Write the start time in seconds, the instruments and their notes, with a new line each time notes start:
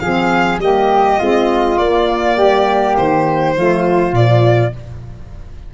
0.00 tuba F3, saxophone C4, flute G#4, violin F5
0.59 tuba G3, saxophone A#3, flute G4, violin D#5
1.19 tuba G#3, saxophone C4, flute F4
1.78 tuba A#3, saxophone A#3, violin D5
2.37 tuba G3, flute G4
2.97 tuba D#3, violin C5
3.55 tuba F3, saxophone A3, flute F4
4.13 tuba A#2, saxophone F3, violin D5